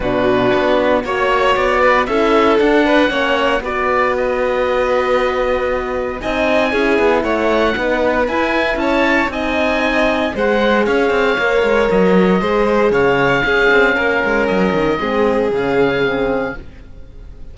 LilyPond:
<<
  \new Staff \with { instrumentName = "oboe" } { \time 4/4 \tempo 4 = 116 b'2 cis''4 d''4 | e''4 fis''2 d''4 | dis''1 | gis''2 fis''2 |
gis''4 a''4 gis''2 | fis''4 f''2 dis''4~ | dis''4 f''2. | dis''2 f''2 | }
  \new Staff \with { instrumentName = "violin" } { \time 4/4 fis'2 cis''4. b'8 | a'4. b'8 cis''4 b'4~ | b'1 | dis''4 gis'4 cis''4 b'4~ |
b'4 cis''4 dis''2 | c''4 cis''2. | c''4 cis''4 gis'4 ais'4~ | ais'4 gis'2. | }
  \new Staff \with { instrumentName = "horn" } { \time 4/4 d'2 fis'2 | e'4 d'4 cis'4 fis'4~ | fis'1 | dis'4 e'2 dis'4 |
e'2 dis'2 | gis'2 ais'2 | gis'2 cis'2~ | cis'4 c'4 cis'4 c'4 | }
  \new Staff \with { instrumentName = "cello" } { \time 4/4 b,4 b4 ais4 b4 | cis'4 d'4 ais4 b4~ | b1 | c'4 cis'8 b8 a4 b4 |
e'4 cis'4 c'2 | gis4 cis'8 c'8 ais8 gis8 fis4 | gis4 cis4 cis'8 c'8 ais8 gis8 | fis8 dis8 gis4 cis2 | }
>>